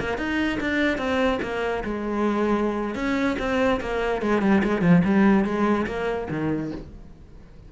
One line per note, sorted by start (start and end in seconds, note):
0.00 0.18 A#3
0.18 0.59 D#4
0.60 0.98 D4
0.98 1.39 C4
1.42 1.84 A#3
1.84 2.95 G#3
2.95 3.36 C#4
3.39 3.80 C4
3.81 4.22 A#3
4.22 4.42 G#3
4.42 4.62 G3
4.64 4.82 G#3
4.82 5.02 F3
5.04 5.45 G3
5.45 5.86 G#3
5.87 6.28 A#3
6.30 6.72 D#3